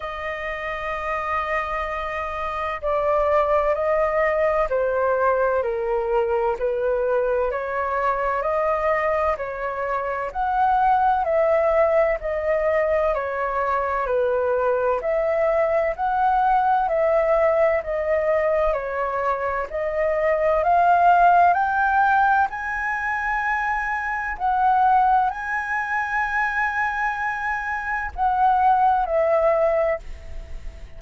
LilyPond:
\new Staff \with { instrumentName = "flute" } { \time 4/4 \tempo 4 = 64 dis''2. d''4 | dis''4 c''4 ais'4 b'4 | cis''4 dis''4 cis''4 fis''4 | e''4 dis''4 cis''4 b'4 |
e''4 fis''4 e''4 dis''4 | cis''4 dis''4 f''4 g''4 | gis''2 fis''4 gis''4~ | gis''2 fis''4 e''4 | }